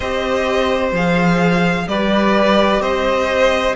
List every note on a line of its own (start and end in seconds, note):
0.00 0.92 C4
0.00 0.94 G4
0.00 1.85 C5
0.00 0.91 D#5
0.92 1.85 F3
0.92 1.88 G#4
0.92 1.88 F5
1.87 2.80 G3
1.87 3.75 G4
1.87 2.81 B4
1.87 2.81 D5
2.80 3.73 C4
2.80 3.75 C5
2.80 3.75 D#5